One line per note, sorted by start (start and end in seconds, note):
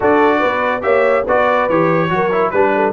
0.00 0.43 D4
0.00 0.81 F#4
0.00 0.39 A4
0.00 0.82 D5
0.39 0.84 B3
0.39 0.81 B4
0.81 1.26 A#3
0.81 1.23 G4
0.81 1.24 C#5
0.81 1.24 E5
1.24 1.69 B3
1.24 1.70 F#4
1.24 2.09 B4
1.24 1.69 D5
1.69 2.10 E3
1.69 2.09 G4
1.69 2.50 C#5
2.09 2.52 F#3
2.09 2.30 F#4
2.09 2.52 A#4
2.32 2.53 E4
2.50 2.93 G3
2.50 2.93 D4
2.50 2.92 B4
2.50 2.73 B4
2.75 2.93 A4